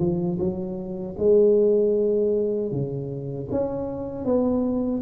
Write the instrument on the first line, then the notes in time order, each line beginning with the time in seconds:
tuba
0.00 F3
0.40 F#3
1.19 G#3
2.72 C#3
3.51 C#4
4.26 B3